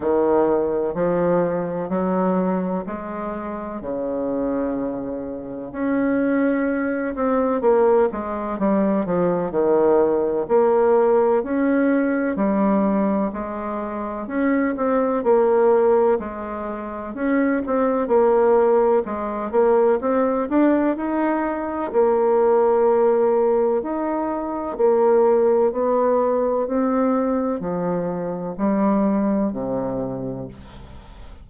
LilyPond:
\new Staff \with { instrumentName = "bassoon" } { \time 4/4 \tempo 4 = 63 dis4 f4 fis4 gis4 | cis2 cis'4. c'8 | ais8 gis8 g8 f8 dis4 ais4 | cis'4 g4 gis4 cis'8 c'8 |
ais4 gis4 cis'8 c'8 ais4 | gis8 ais8 c'8 d'8 dis'4 ais4~ | ais4 dis'4 ais4 b4 | c'4 f4 g4 c4 | }